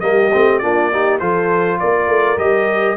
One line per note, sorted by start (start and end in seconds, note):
0.00 0.31 G3
0.00 0.31 A#3
0.00 0.61 G4
0.00 0.58 D#5
0.32 0.63 A3
0.32 0.62 C4
0.58 1.20 A#3
0.58 0.91 D4
0.58 0.91 F4
0.58 1.18 D5
0.91 1.20 D#4
0.91 1.20 G4
1.19 1.80 F3
1.19 2.37 F4
1.19 1.79 A4
1.19 1.78 C5
1.79 2.07 A#3
1.79 2.97 A#4
1.79 2.38 D5
2.07 2.37 A3
2.37 2.96 G3
2.37 2.97 G4
2.37 2.97 D#5